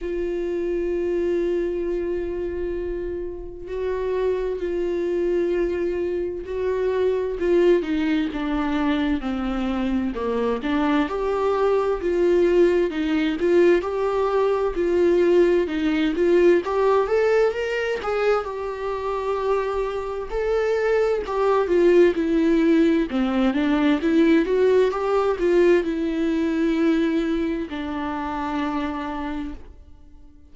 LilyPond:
\new Staff \with { instrumentName = "viola" } { \time 4/4 \tempo 4 = 65 f'1 | fis'4 f'2 fis'4 | f'8 dis'8 d'4 c'4 ais8 d'8 | g'4 f'4 dis'8 f'8 g'4 |
f'4 dis'8 f'8 g'8 a'8 ais'8 gis'8 | g'2 a'4 g'8 f'8 | e'4 c'8 d'8 e'8 fis'8 g'8 f'8 | e'2 d'2 | }